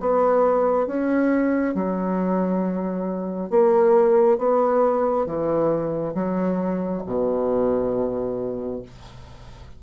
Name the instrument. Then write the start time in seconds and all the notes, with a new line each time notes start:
bassoon
0.00 B3
0.87 C#4
1.74 F#3
3.50 A#3
4.38 B3
5.26 E3
6.14 F#3
7.06 B2